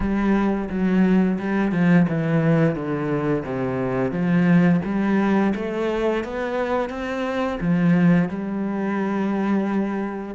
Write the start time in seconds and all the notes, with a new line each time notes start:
0.00 G3
0.69 F#3
1.38 G3
1.71 F3
2.08 E3
2.75 D3
3.45 C3
4.11 F3
4.84 G3
5.55 A3
6.24 B3
6.89 C4
7.60 F3
8.29 G3